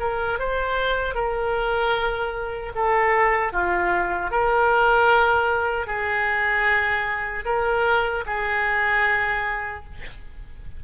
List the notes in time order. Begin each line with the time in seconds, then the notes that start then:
0.00 A#4
0.39 C5
1.15 A#4
2.76 A4
3.53 F4
4.31 A#4
5.87 G#4
7.45 A#4
8.26 G#4